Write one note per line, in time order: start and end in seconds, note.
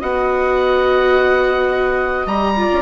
0.00 2.27 B3
0.00 2.28 F#4
0.00 2.55 D#5
0.00 2.27 F#5
2.27 2.69 G3
2.27 2.56 G4
2.27 2.82 A#5
2.57 2.82 F4
2.57 2.82 D5
2.73 2.82 C#4